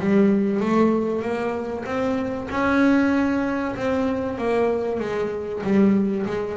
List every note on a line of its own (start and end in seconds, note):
0.00 0.61 G3
0.61 1.22 A3
1.22 1.85 A#3
1.86 2.49 C4
2.51 3.76 C#4
3.76 4.38 C4
4.38 5.00 A#3
5.00 5.63 G#3
5.64 6.26 G3
6.26 6.58 G#3